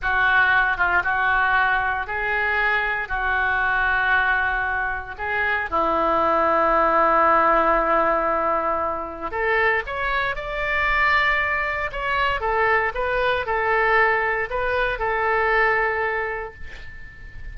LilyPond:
\new Staff \with { instrumentName = "oboe" } { \time 4/4 \tempo 4 = 116 fis'4. f'8 fis'2 | gis'2 fis'2~ | fis'2 gis'4 e'4~ | e'1~ |
e'2 a'4 cis''4 | d''2. cis''4 | a'4 b'4 a'2 | b'4 a'2. | }